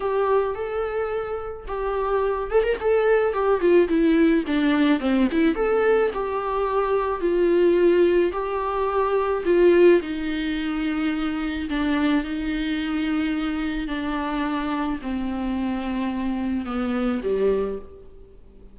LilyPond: \new Staff \with { instrumentName = "viola" } { \time 4/4 \tempo 4 = 108 g'4 a'2 g'4~ | g'8 a'16 ais'16 a'4 g'8 f'8 e'4 | d'4 c'8 e'8 a'4 g'4~ | g'4 f'2 g'4~ |
g'4 f'4 dis'2~ | dis'4 d'4 dis'2~ | dis'4 d'2 c'4~ | c'2 b4 g4 | }